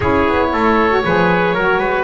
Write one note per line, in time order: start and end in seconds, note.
0.00 0.27 C#4
0.00 0.90 E4
0.00 0.50 G#4
0.00 2.03 C#5
0.27 0.53 B3
0.52 1.04 A3
0.52 1.04 A4
0.90 1.03 F#4
1.04 1.53 F3
1.04 1.56 G#4
1.04 1.54 B4
1.53 1.78 F#3
1.53 2.03 F#4
1.53 1.79 A#4
1.78 2.03 G#3
1.78 2.03 B4